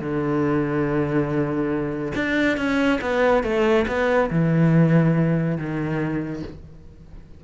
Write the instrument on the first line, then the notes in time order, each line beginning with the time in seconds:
cello
0.00 D3
2.15 D4
2.57 C#4
3.01 B3
3.43 A3
3.87 B3
4.30 E3
5.57 D#3